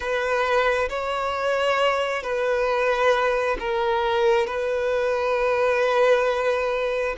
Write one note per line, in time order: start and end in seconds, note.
0.00 0.88 B4
0.89 2.23 C#5
2.23 3.57 B4
3.59 4.47 A#4
4.47 7.15 B4